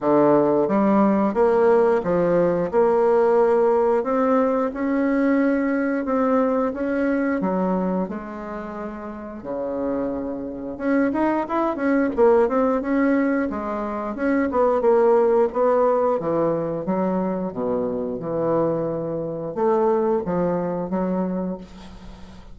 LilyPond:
\new Staff \with { instrumentName = "bassoon" } { \time 4/4 \tempo 4 = 89 d4 g4 ais4 f4 | ais2 c'4 cis'4~ | cis'4 c'4 cis'4 fis4 | gis2 cis2 |
cis'8 dis'8 e'8 cis'8 ais8 c'8 cis'4 | gis4 cis'8 b8 ais4 b4 | e4 fis4 b,4 e4~ | e4 a4 f4 fis4 | }